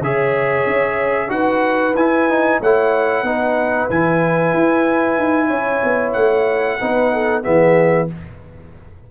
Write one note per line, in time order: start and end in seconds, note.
0.00 0.65 C#3
0.00 1.28 G#4
0.00 1.32 C#5
0.00 1.30 E5
0.66 1.30 C#4
1.28 1.94 D#4
1.28 1.93 F#4
1.28 2.61 B4
1.28 1.94 F#5
1.94 2.59 E4
1.94 2.29 E4
1.94 2.60 G#5
2.29 2.61 D#4
2.60 3.22 A3
2.60 3.25 E4
2.60 3.25 C#5
2.60 3.89 F#5
3.22 3.87 B3
3.22 3.89 D#4
3.22 5.47 B4
3.89 4.53 E3
3.89 6.79 E4
3.89 6.12 G#5
4.53 5.17 E4
5.17 5.49 D#4
5.47 5.82 C#4
5.47 6.76 C#5
5.83 6.15 B3
6.12 6.79 A3
6.12 7.42 F#5
6.79 7.45 B3
6.79 7.42 D#4
6.79 7.13 B4
7.13 7.43 A4
7.42 8.10 E3
7.42 8.07 B3
7.42 8.07 G#4
7.42 8.08 E5